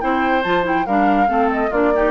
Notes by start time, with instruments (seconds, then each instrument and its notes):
0.00 bassoon C4, clarinet E4, oboe C5, flute G5
0.43 bassoon F3, clarinet F4, flute A5
0.63 clarinet E4, flute G5
0.86 bassoon G3, clarinet D4, oboe A#4, flute F5
1.26 bassoon A3, clarinet C4, oboe A4
1.51 flute D#5
1.70 bassoon A#3, clarinet D4, oboe F4, flute D5
1.94 clarinet D#4, oboe G4